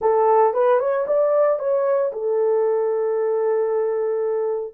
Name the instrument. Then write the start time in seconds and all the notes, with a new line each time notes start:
horn
0.01 A4
0.53 B4
0.79 C#5
1.07 D5
1.59 C#5
2.12 A4